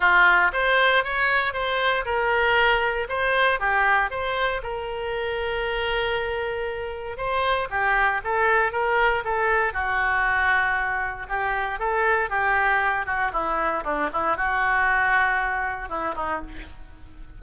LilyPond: \new Staff \with { instrumentName = "oboe" } { \time 4/4 \tempo 4 = 117 f'4 c''4 cis''4 c''4 | ais'2 c''4 g'4 | c''4 ais'2.~ | ais'2 c''4 g'4 |
a'4 ais'4 a'4 fis'4~ | fis'2 g'4 a'4 | g'4. fis'8 e'4 d'8 e'8 | fis'2. e'8 dis'8 | }